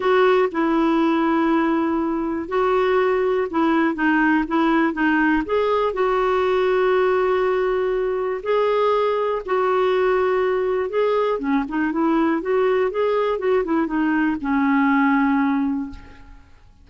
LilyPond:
\new Staff \with { instrumentName = "clarinet" } { \time 4/4 \tempo 4 = 121 fis'4 e'2.~ | e'4 fis'2 e'4 | dis'4 e'4 dis'4 gis'4 | fis'1~ |
fis'4 gis'2 fis'4~ | fis'2 gis'4 cis'8 dis'8 | e'4 fis'4 gis'4 fis'8 e'8 | dis'4 cis'2. | }